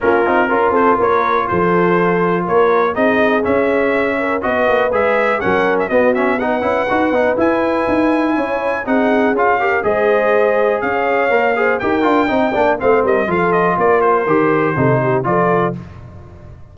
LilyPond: <<
  \new Staff \with { instrumentName = "trumpet" } { \time 4/4 \tempo 4 = 122 ais'4. c''8 cis''4 c''4~ | c''4 cis''4 dis''4 e''4~ | e''4 dis''4 e''4 fis''8. e''16 | dis''8 e''8 fis''2 gis''4~ |
gis''2 fis''4 f''4 | dis''2 f''2 | g''2 f''8 dis''8 f''8 dis''8 | d''8 c''2~ c''8 d''4 | }
  \new Staff \with { instrumentName = "horn" } { \time 4/4 f'4 ais'8 a'8 ais'4 a'4~ | a'4 ais'4 gis'2~ | gis'8 ais'8 b'2 ais'4 | fis'4 b'2.~ |
b'4 cis''4 gis'4. ais'8 | c''2 cis''4. c''8 | ais'4 dis''8 d''8 c''8 ais'8 a'4 | ais'2 a'8 g'8 a'4 | }
  \new Staff \with { instrumentName = "trombone" } { \time 4/4 cis'8 dis'8 f'2.~ | f'2 dis'4 cis'4~ | cis'4 fis'4 gis'4 cis'4 | b8 cis'8 dis'8 e'8 fis'8 dis'8 e'4~ |
e'2 dis'4 f'8 g'8 | gis'2. ais'8 gis'8 | g'8 f'8 dis'8 d'8 c'4 f'4~ | f'4 g'4 dis'4 f'4 | }
  \new Staff \with { instrumentName = "tuba" } { \time 4/4 ais8 c'8 cis'8 c'8 ais4 f4~ | f4 ais4 c'4 cis'4~ | cis'4 b8 ais8 gis4 fis4 | b4. cis'8 dis'8 b8 e'4 |
dis'4 cis'4 c'4 cis'4 | gis2 cis'4 ais4 | dis'8 d'8 c'8 ais8 a8 g8 f4 | ais4 dis4 c4 f4 | }
>>